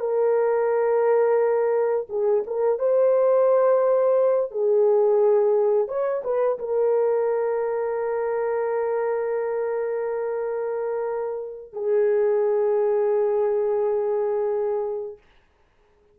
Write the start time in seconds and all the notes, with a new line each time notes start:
0.00 A#4
2.09 G#4
2.47 A#4
2.78 C5
4.51 G#4
5.88 C#5
6.24 B4
6.59 A#4
11.73 G#4